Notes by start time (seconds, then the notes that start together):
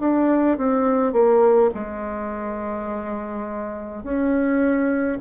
0.00 D4
0.58 C4
1.13 A#3
1.74 G#3
4.03 C#4